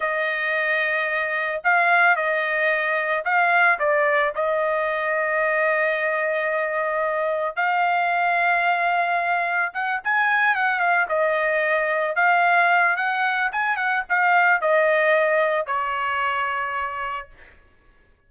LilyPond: \new Staff \with { instrumentName = "trumpet" } { \time 4/4 \tempo 4 = 111 dis''2. f''4 | dis''2 f''4 d''4 | dis''1~ | dis''2 f''2~ |
f''2 fis''8 gis''4 fis''8 | f''8 dis''2 f''4. | fis''4 gis''8 fis''8 f''4 dis''4~ | dis''4 cis''2. | }